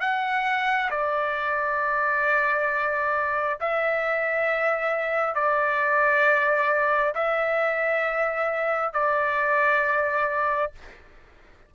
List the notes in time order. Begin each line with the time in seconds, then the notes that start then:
0.00 F#5
0.90 D5
3.60 E5
5.34 D5
7.14 E5
8.93 D5